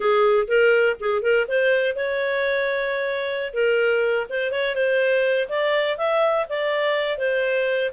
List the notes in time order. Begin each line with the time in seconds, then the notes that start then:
0.00 G#4
0.47 A#4
1.00 G#4
1.22 A#4
1.48 C5
1.95 C#5
3.53 A#4
4.29 C5
4.51 C#5
4.75 C5
5.48 D5
5.97 E5
6.49 D5
7.18 C5